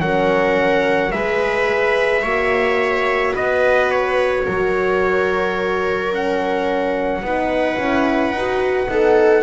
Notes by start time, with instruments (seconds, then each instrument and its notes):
0.00 double bass F#3, horn C#4, viola A#4, trumpet F#5
1.12 double bass G#3, horn G#4, viola B4, trumpet E5
2.22 double bass A#3, horn F#4, viola C#5
3.33 double bass B3, viola B4, trumpet D#5
3.91 trumpet C#5
4.45 double bass F#3, viola A#4
6.12 horn C#4, trumpet F#5
7.21 double bass B3, horn D#4, viola B4
7.77 double bass C#4, horn E4
8.31 double bass D#4
8.37 horn F#4
8.88 double bass B3, horn D#4, viola A4